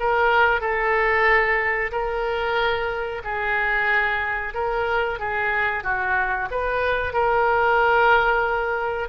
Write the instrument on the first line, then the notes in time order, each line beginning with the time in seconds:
oboe
0.00 A#4
0.61 A4
1.92 A#4
3.24 G#4
4.54 A#4
5.19 G#4
5.84 F#4
6.51 B4
7.14 A#4